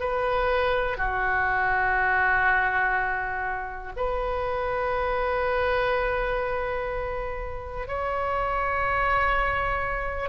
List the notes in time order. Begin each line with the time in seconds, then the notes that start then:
0.00 B4
0.97 F#4
3.96 B4
7.87 C#5